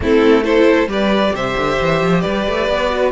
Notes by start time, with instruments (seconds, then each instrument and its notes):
0.00 cello A3, viola C4, violin E4 A4
0.43 viola E4, violin A4 C5
0.87 cello G3, viola G4, violin B4 D5
1.33 cello C3, violin C5 E5
1.57 cello D3
1.81 cello E3
2.02 cello F3
2.21 cello G3, violin B4 D5
2.47 cello A3
2.68 cello B3
2.90 viola F#4